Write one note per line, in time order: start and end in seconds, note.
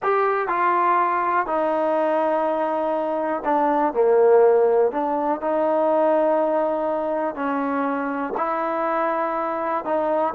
0.02 0.48 G4
0.48 1.46 F4
1.46 3.43 D#4
3.44 3.93 D4
3.93 4.91 A#3
4.91 5.40 D4
5.40 7.35 D#4
7.35 8.33 C#4
8.37 9.84 E4
9.84 10.33 D#4